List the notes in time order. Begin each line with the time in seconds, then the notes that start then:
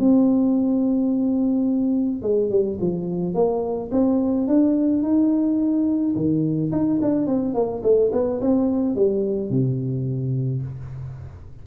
0.00 C4
2.23 G#3
2.51 G3
2.81 F3
3.35 A#3
3.92 C4
4.48 D4
5.03 D#4
6.16 D#3
6.72 D#4
7.02 D4
7.27 C4
7.54 A#3
7.83 A3
8.13 B3
8.41 C4
8.96 G3
9.50 C3